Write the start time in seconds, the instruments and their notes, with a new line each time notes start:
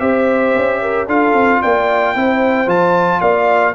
0.00 tuba C4, trombone G4, horn C5, trumpet E5
0.55 tuba C#4
0.82 horn A#4
1.07 tuba D4, trombone F4, horn A4, trumpet F5
1.34 tuba C4
1.62 tuba A#3, horn D5, trumpet G5
2.16 tuba C4, trombone E4, horn C5
2.67 tuba F3, trombone F4, trumpet A5
3.20 tuba A#3, horn D5, trumpet F5